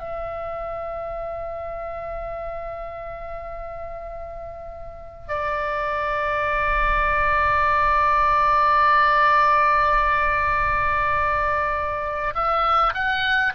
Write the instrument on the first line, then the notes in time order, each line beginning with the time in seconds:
oboe
0.00 E5
5.28 D5
12.35 E5
12.94 F#5